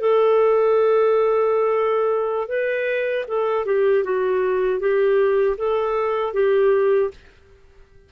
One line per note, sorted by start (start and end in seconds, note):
0.00 2.48 A4
2.48 3.25 B4
3.28 3.65 A4
3.65 4.04 G4
4.04 4.80 F#4
4.80 5.57 G4
5.57 6.34 A4
6.34 7.10 G4